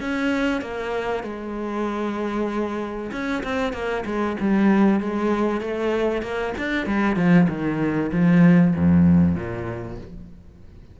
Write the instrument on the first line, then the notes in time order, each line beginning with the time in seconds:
cello
0.00 C#4
0.61 A#3
1.23 G#3
3.12 C#4
3.43 C4
3.73 A#3
4.05 G#3
4.40 G3
5.00 G#3
5.61 A3
6.22 A#3
6.58 D4
6.86 G3
7.16 F3
7.49 D#3
8.12 F3
8.76 F2
9.36 A#2